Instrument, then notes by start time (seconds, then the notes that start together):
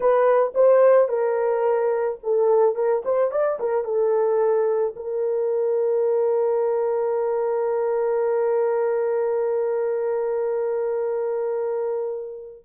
horn
0.00 B4
0.54 C5
1.08 A#4
2.23 A4
2.75 A#4
3.05 C5
3.31 D5
3.59 A#4
3.84 A4
4.96 A#4